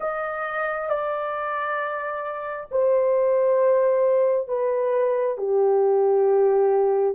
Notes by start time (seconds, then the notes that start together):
0.00 D#5
0.89 D5
2.71 C5
4.48 B4
5.37 G4